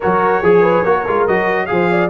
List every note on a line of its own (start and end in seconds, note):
0.00 0.42 F#3
0.00 0.44 F#4
0.00 0.41 A#4
0.00 1.27 C#5
0.41 0.84 F3
0.41 0.62 G#4
0.41 0.85 G#4
0.62 0.82 B4
0.82 1.06 A#3
0.82 1.06 F#4
0.82 1.67 A#4
1.07 1.28 G#3
1.07 1.28 F4
1.27 1.70 F#3
1.27 1.67 F#4
1.27 1.65 D#5
1.65 2.09 F3
1.65 2.09 G#4
1.65 2.08 F5
1.72 1.90 C5
1.90 2.09 D5